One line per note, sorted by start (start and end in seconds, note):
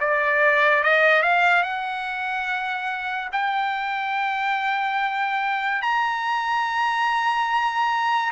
0.00 0.83 D5
0.83 1.22 D#5
1.22 1.62 F5
1.62 3.29 F#5
3.32 5.81 G5
5.81 8.31 A#5